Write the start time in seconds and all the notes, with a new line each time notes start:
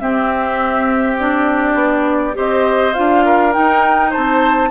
0.00 C4 G4 E5
1.19 D4 D5
1.74 B3
2.33 C4 G4 C5 D#5
2.93 D4 F4 F5
3.25 A#4
3.52 D#4 G5
4.10 C5 A5
4.16 C4